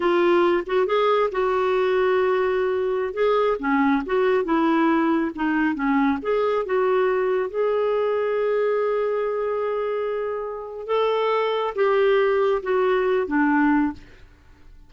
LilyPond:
\new Staff \with { instrumentName = "clarinet" } { \time 4/4 \tempo 4 = 138 f'4. fis'8 gis'4 fis'4~ | fis'2.~ fis'16 gis'8.~ | gis'16 cis'4 fis'4 e'4.~ e'16~ | e'16 dis'4 cis'4 gis'4 fis'8.~ |
fis'4~ fis'16 gis'2~ gis'8.~ | gis'1~ | gis'4 a'2 g'4~ | g'4 fis'4. d'4. | }